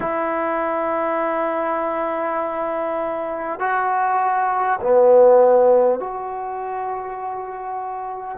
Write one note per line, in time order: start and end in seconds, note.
0.00 3.59 E4
3.59 4.79 F#4
4.80 5.99 B3
5.99 8.37 F#4